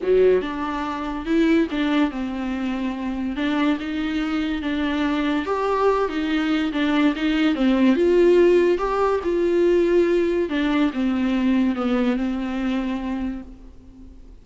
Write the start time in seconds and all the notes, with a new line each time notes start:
0.02 F#3
0.41 D4
1.25 E4
1.70 D4
2.10 C4
3.36 D4
3.79 D#4
4.62 D4
5.45 G4
6.08 D#4
6.72 D4
7.15 D#4
7.55 C4
7.95 F4
8.78 G4
9.23 F4
10.49 D4
10.93 C4
11.75 B3
12.16 C4